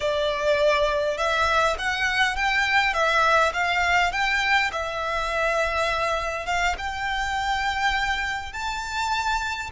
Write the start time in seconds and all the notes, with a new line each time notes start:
0.00 D5
1.17 E5
1.78 F#5
2.35 G5
2.93 E5
3.53 F5
4.12 G5
4.72 E5
6.46 F5
6.78 G5
8.52 A5